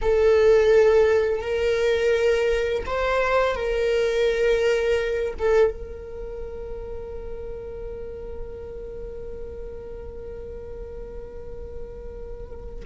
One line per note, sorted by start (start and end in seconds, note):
0.01 1.41 A4
1.41 2.84 A#4
2.86 3.55 C5
3.55 5.34 A#4
5.39 5.70 A4
5.70 12.84 A#4